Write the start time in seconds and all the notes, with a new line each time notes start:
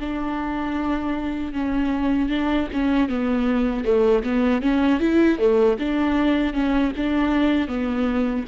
0.00 D4
1.53 C#4
2.29 D4
2.73 C#4
3.09 B3
3.85 A3
4.24 B3
4.62 C#4
5.00 E4
5.39 A3
5.79 D4
6.53 C#4
6.97 D4
7.68 B3